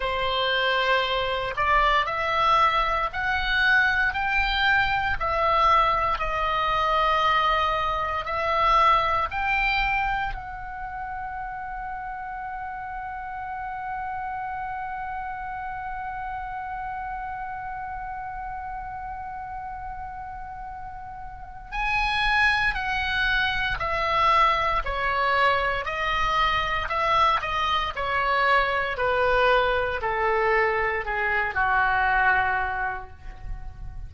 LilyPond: \new Staff \with { instrumentName = "oboe" } { \time 4/4 \tempo 4 = 58 c''4. d''8 e''4 fis''4 | g''4 e''4 dis''2 | e''4 g''4 fis''2~ | fis''1~ |
fis''1~ | fis''4 gis''4 fis''4 e''4 | cis''4 dis''4 e''8 dis''8 cis''4 | b'4 a'4 gis'8 fis'4. | }